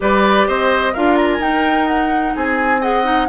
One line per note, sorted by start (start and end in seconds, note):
0.00 0.47 G3
0.00 0.93 G4
0.00 0.47 B4
0.00 0.48 D5
0.47 0.94 C4
0.47 0.93 C5
0.47 0.94 D#5
0.93 1.39 D4
0.93 1.40 F4
0.93 2.34 A#4
0.93 1.16 F5
1.16 1.27 A#5
1.32 1.42 G#5
1.39 2.33 D#4
1.39 2.81 D#4
1.39 1.88 G5
1.88 2.35 F#5
2.35 3.29 C4
2.35 2.80 G#4
2.35 2.82 G#5
2.80 3.03 G#4
2.80 3.27 D#5
2.80 3.29 F#5
3.03 3.27 D#4